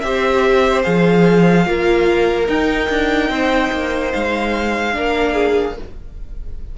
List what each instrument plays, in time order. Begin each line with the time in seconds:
0.00 cello C4, viola G4, violin C5 E5
0.83 cello F3, viola G#4, violin F5
1.66 cello A#3, viola F4, violin A#4
2.46 viola D#4, cello D#4, violin G5
2.90 cello D4
3.29 cello C4, violin C5
3.72 cello A#3
4.13 cello G#3, violin F5
4.92 cello A#3, viola D4, violin A#4
5.34 violin G#4